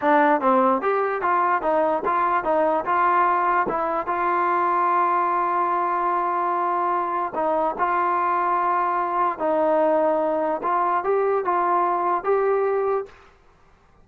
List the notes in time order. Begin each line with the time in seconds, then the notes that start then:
0.01 D4
0.41 C4
0.81 G4
1.21 F4
1.62 D#4
2.05 F4
2.44 D#4
2.85 F4
3.68 E4
4.06 F4
7.34 D#4
7.78 F4
9.39 D#4
10.63 F4
11.04 G4
11.44 F4
12.24 G4